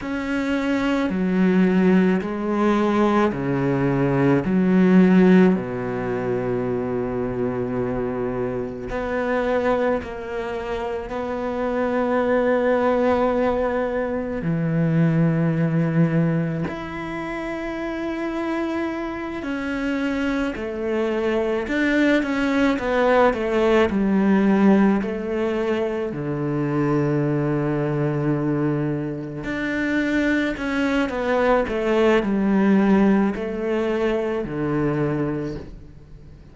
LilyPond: \new Staff \with { instrumentName = "cello" } { \time 4/4 \tempo 4 = 54 cis'4 fis4 gis4 cis4 | fis4 b,2. | b4 ais4 b2~ | b4 e2 e'4~ |
e'4. cis'4 a4 d'8 | cis'8 b8 a8 g4 a4 d8~ | d2~ d8 d'4 cis'8 | b8 a8 g4 a4 d4 | }